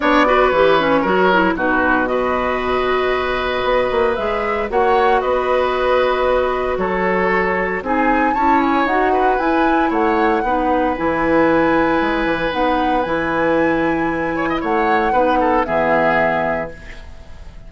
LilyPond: <<
  \new Staff \with { instrumentName = "flute" } { \time 4/4 \tempo 4 = 115 d''4 cis''2 b'4 | dis''1 | e''4 fis''4 dis''2~ | dis''4 cis''2 gis''4 |
a''8 gis''8 fis''4 gis''4 fis''4~ | fis''4 gis''2. | fis''4 gis''2. | fis''2 e''2 | }
  \new Staff \with { instrumentName = "oboe" } { \time 4/4 cis''8 b'4. ais'4 fis'4 | b'1~ | b'4 cis''4 b'2~ | b'4 a'2 gis'4 |
cis''4. b'4. cis''4 | b'1~ | b'2.~ b'8 cis''16 dis''16 | cis''4 b'8 a'8 gis'2 | }
  \new Staff \with { instrumentName = "clarinet" } { \time 4/4 d'8 fis'8 g'8 cis'8 fis'8 e'8 dis'4 | fis'1 | gis'4 fis'2.~ | fis'2. dis'4 |
e'4 fis'4 e'2 | dis'4 e'2. | dis'4 e'2.~ | e'4 dis'4 b2 | }
  \new Staff \with { instrumentName = "bassoon" } { \time 4/4 b4 e4 fis4 b,4~ | b,2. b8 ais8 | gis4 ais4 b2~ | b4 fis2 c'4 |
cis'4 dis'4 e'4 a4 | b4 e2 gis8 e8 | b4 e2. | a4 b4 e2 | }
>>